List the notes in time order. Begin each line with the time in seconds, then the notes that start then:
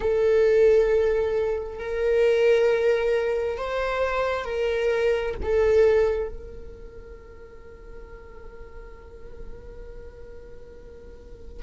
0.00 A4
1.79 A#4
3.57 C5
4.45 A#4
5.42 A4
6.28 A#4